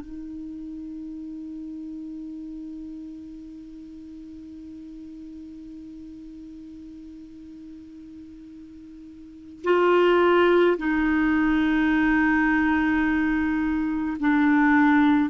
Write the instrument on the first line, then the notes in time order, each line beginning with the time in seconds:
clarinet
0.00 D#4
9.64 F4
10.78 D#4
14.20 D4